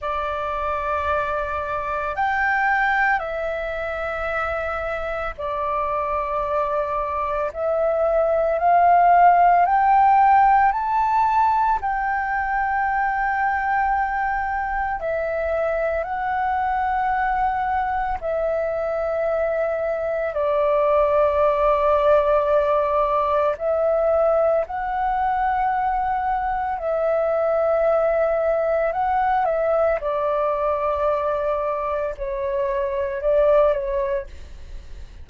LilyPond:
\new Staff \with { instrumentName = "flute" } { \time 4/4 \tempo 4 = 56 d''2 g''4 e''4~ | e''4 d''2 e''4 | f''4 g''4 a''4 g''4~ | g''2 e''4 fis''4~ |
fis''4 e''2 d''4~ | d''2 e''4 fis''4~ | fis''4 e''2 fis''8 e''8 | d''2 cis''4 d''8 cis''8 | }